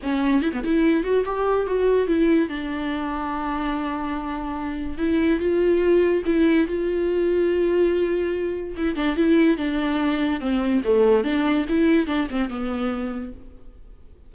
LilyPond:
\new Staff \with { instrumentName = "viola" } { \time 4/4 \tempo 4 = 144 cis'4 e'16 b16 e'4 fis'8 g'4 | fis'4 e'4 d'2~ | d'1 | e'4 f'2 e'4 |
f'1~ | f'4 e'8 d'8 e'4 d'4~ | d'4 c'4 a4 d'4 | e'4 d'8 c'8 b2 | }